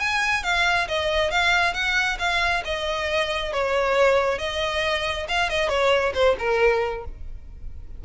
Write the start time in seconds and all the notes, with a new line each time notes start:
0.00 G#5
0.44 F5
0.88 D#5
1.31 F5
1.74 F#5
2.19 F5
2.65 D#5
3.53 C#5
4.39 D#5
5.29 F5
5.50 D#5
5.69 C#5
6.14 C5
6.39 A#4